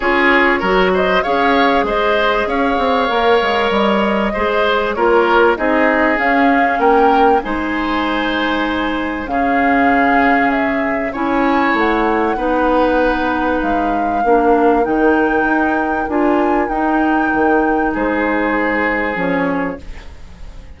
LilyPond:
<<
  \new Staff \with { instrumentName = "flute" } { \time 4/4 \tempo 4 = 97 cis''4. dis''8 f''4 dis''4 | f''2 dis''2 | cis''4 dis''4 f''4 g''4 | gis''2. f''4~ |
f''4 e''4 gis''4 fis''4~ | fis''2 f''2 | g''2 gis''4 g''4~ | g''4 c''2 cis''4 | }
  \new Staff \with { instrumentName = "oboe" } { \time 4/4 gis'4 ais'8 c''8 cis''4 c''4 | cis''2. c''4 | ais'4 gis'2 ais'4 | c''2. gis'4~ |
gis'2 cis''2 | b'2. ais'4~ | ais'1~ | ais'4 gis'2. | }
  \new Staff \with { instrumentName = "clarinet" } { \time 4/4 f'4 fis'4 gis'2~ | gis'4 ais'2 gis'4 | f'4 dis'4 cis'2 | dis'2. cis'4~ |
cis'2 e'2 | dis'2. d'4 | dis'2 f'4 dis'4~ | dis'2. cis'4 | }
  \new Staff \with { instrumentName = "bassoon" } { \time 4/4 cis'4 fis4 cis'4 gis4 | cis'8 c'8 ais8 gis8 g4 gis4 | ais4 c'4 cis'4 ais4 | gis2. cis4~ |
cis2 cis'4 a4 | b2 gis4 ais4 | dis4 dis'4 d'4 dis'4 | dis4 gis2 f4 | }
>>